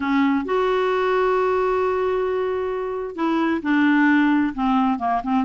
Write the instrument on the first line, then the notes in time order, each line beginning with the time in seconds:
clarinet
0.00 C#4
0.45 F#4
3.15 E4
3.62 D4
4.54 C4
4.99 A#3
5.23 C4